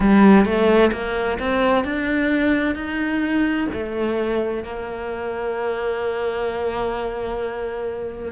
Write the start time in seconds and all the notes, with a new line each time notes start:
0.00 G3
0.45 A3
0.92 A#3
1.38 C4
1.84 D4
2.74 D#4
3.73 A3
4.63 A#3